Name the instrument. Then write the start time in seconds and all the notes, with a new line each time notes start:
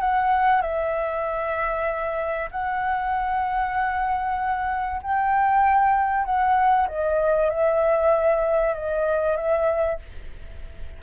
flute
0.00 F#5
0.61 E5
2.51 F#5
5.02 G5
6.24 F#5
6.88 D#5
7.49 E5
8.74 D#5
9.36 E5